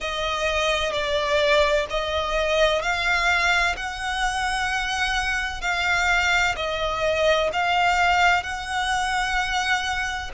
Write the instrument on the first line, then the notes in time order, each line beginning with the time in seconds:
violin
0.00 D#5
0.92 D5
1.90 D#5
2.81 F5
3.76 F#5
5.61 F5
6.56 D#5
7.53 F5
8.43 F#5